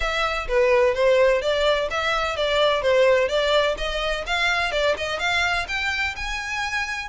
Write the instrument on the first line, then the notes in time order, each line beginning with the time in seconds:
violin
0.00 E5
0.47 B4
0.94 C5
1.41 D5
1.90 E5
2.36 D5
2.82 C5
3.28 D5
3.77 D#5
4.26 F5
4.71 D5
4.97 D#5
5.19 F5
5.68 G5
6.15 G#5